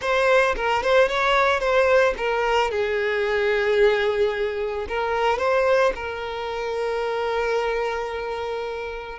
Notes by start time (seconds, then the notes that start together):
0.01 C5
0.56 A#4
0.83 C5
1.08 C#5
1.59 C5
2.17 A#4
2.70 G#4
4.88 A#4
5.38 C5
5.95 A#4